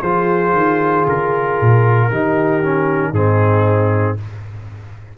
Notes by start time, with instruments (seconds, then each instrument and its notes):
0.00 tuba F3, trombone F4, horn G#4, trumpet C5
0.52 tuba D#3
1.06 tuba C#3, trumpet A#4
1.60 tuba A#2
2.10 tuba D#3, trombone D#4, horn G4
2.62 trombone C#4
3.11 tuba G#2, trombone C4, horn D#4, trumpet G#4